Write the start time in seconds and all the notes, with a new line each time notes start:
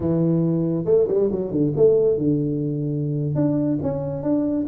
0.00 E3
0.85 A3
1.08 G3
1.31 F#3
1.51 D3
1.76 A3
2.17 D3
3.35 D4
3.82 C#4
4.23 D4